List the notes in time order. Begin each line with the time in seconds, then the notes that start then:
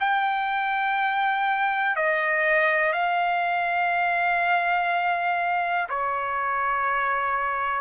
0.00 G5
1.96 D#5
2.93 F5
5.89 C#5